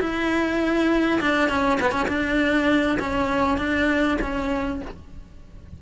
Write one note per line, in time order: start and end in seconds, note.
0.00 1.20 E4
1.21 1.49 D4
1.49 1.79 C#4
1.81 1.91 B3
1.91 2.06 C#4
2.08 2.98 D4
2.99 3.58 C#4
3.58 4.18 D4
4.21 4.81 C#4